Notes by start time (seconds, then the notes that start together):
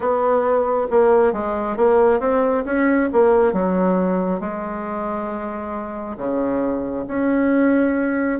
0.00 B3
0.90 A#3
1.32 G#3
1.76 A#3
2.20 C4
2.65 C#4
3.12 A#3
3.53 F#3
4.40 G#3
6.17 C#3
7.07 C#4